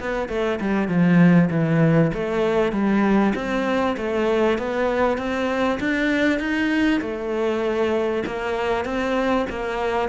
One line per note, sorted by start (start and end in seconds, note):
0.00 0.29 B3
0.29 0.60 A3
0.61 0.88 G3
0.88 1.50 F3
1.51 2.12 E3
2.14 2.72 A3
2.72 3.34 G3
3.35 3.97 C4
3.97 4.58 A3
4.58 5.18 B3
5.18 5.79 C4
5.80 6.40 D4
6.40 7.01 D#4
7.01 8.24 A3
8.27 8.85 A#3
8.85 9.46 C4
9.50 10.09 A#3